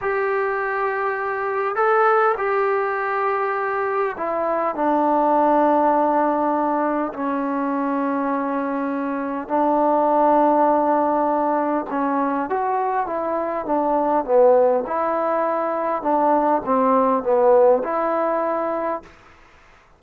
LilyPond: \new Staff \with { instrumentName = "trombone" } { \time 4/4 \tempo 4 = 101 g'2. a'4 | g'2. e'4 | d'1 | cis'1 |
d'1 | cis'4 fis'4 e'4 d'4 | b4 e'2 d'4 | c'4 b4 e'2 | }